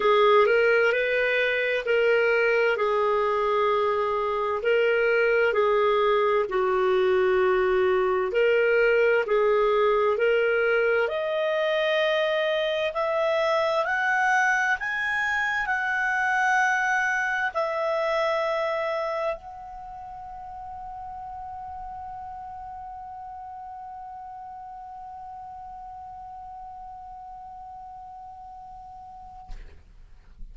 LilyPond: \new Staff \with { instrumentName = "clarinet" } { \time 4/4 \tempo 4 = 65 gis'8 ais'8 b'4 ais'4 gis'4~ | gis'4 ais'4 gis'4 fis'4~ | fis'4 ais'4 gis'4 ais'4 | dis''2 e''4 fis''4 |
gis''4 fis''2 e''4~ | e''4 fis''2.~ | fis''1~ | fis''1 | }